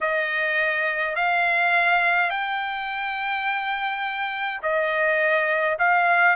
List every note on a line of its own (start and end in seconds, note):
0.00 1.15 D#5
1.15 2.30 F5
2.30 4.60 G5
4.62 5.77 D#5
5.78 6.36 F5